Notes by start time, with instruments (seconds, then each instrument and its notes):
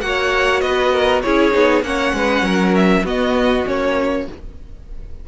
0.00 cello A#3, viola F#4, violin F#5
0.06 violin C#5
0.60 cello B3, violin B4 D#5
0.92 violin A#4
1.21 cello C#4, viola E4, violin G#4 C#5
1.51 cello B3, viola D#4
1.81 cello A#3, viola C#4, violin C#5 F#5
2.13 cello G#3, violin B4
2.41 cello F#3, violin A#4
2.75 violin E5
3.03 cello B3, viola B3, violin F#4 D#5
3.66 cello A#3, viola C#4, violin C#5